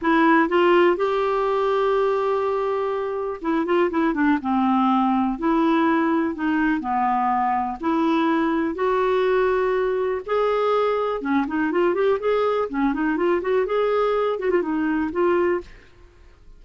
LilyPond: \new Staff \with { instrumentName = "clarinet" } { \time 4/4 \tempo 4 = 123 e'4 f'4 g'2~ | g'2. e'8 f'8 | e'8 d'8 c'2 e'4~ | e'4 dis'4 b2 |
e'2 fis'2~ | fis'4 gis'2 cis'8 dis'8 | f'8 g'8 gis'4 cis'8 dis'8 f'8 fis'8 | gis'4. fis'16 f'16 dis'4 f'4 | }